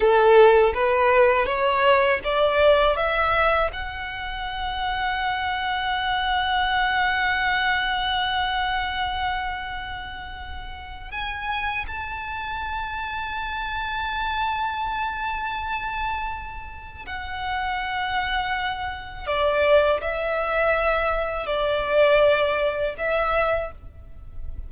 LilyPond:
\new Staff \with { instrumentName = "violin" } { \time 4/4 \tempo 4 = 81 a'4 b'4 cis''4 d''4 | e''4 fis''2.~ | fis''1~ | fis''2. gis''4 |
a''1~ | a''2. fis''4~ | fis''2 d''4 e''4~ | e''4 d''2 e''4 | }